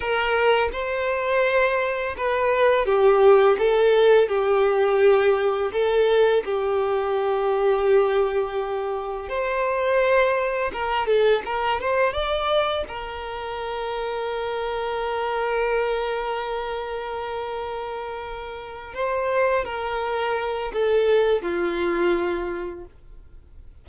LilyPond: \new Staff \with { instrumentName = "violin" } { \time 4/4 \tempo 4 = 84 ais'4 c''2 b'4 | g'4 a'4 g'2 | a'4 g'2.~ | g'4 c''2 ais'8 a'8 |
ais'8 c''8 d''4 ais'2~ | ais'1~ | ais'2~ ais'8 c''4 ais'8~ | ais'4 a'4 f'2 | }